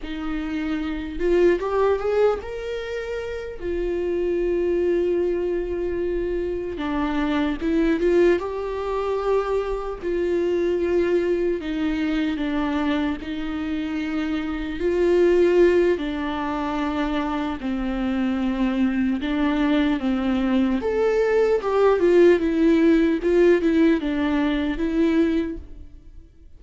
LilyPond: \new Staff \with { instrumentName = "viola" } { \time 4/4 \tempo 4 = 75 dis'4. f'8 g'8 gis'8 ais'4~ | ais'8 f'2.~ f'8~ | f'8 d'4 e'8 f'8 g'4.~ | g'8 f'2 dis'4 d'8~ |
d'8 dis'2 f'4. | d'2 c'2 | d'4 c'4 a'4 g'8 f'8 | e'4 f'8 e'8 d'4 e'4 | }